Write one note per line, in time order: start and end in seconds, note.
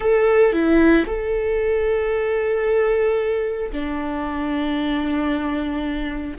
0.00 0.52 A4
0.52 1.05 E4
1.06 3.71 A4
3.72 6.37 D4